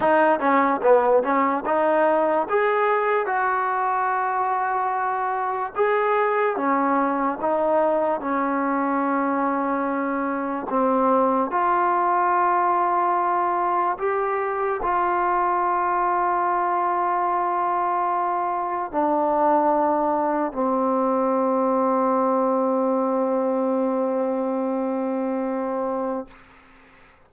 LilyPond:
\new Staff \with { instrumentName = "trombone" } { \time 4/4 \tempo 4 = 73 dis'8 cis'8 b8 cis'8 dis'4 gis'4 | fis'2. gis'4 | cis'4 dis'4 cis'2~ | cis'4 c'4 f'2~ |
f'4 g'4 f'2~ | f'2. d'4~ | d'4 c'2.~ | c'1 | }